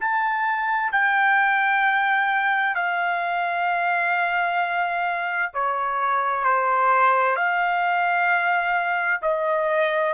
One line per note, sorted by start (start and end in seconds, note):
0.00 0.92 A5
0.92 2.75 G5
2.75 5.52 F5
5.54 6.45 C#5
6.45 7.36 C5
7.36 9.21 F5
9.22 10.14 D#5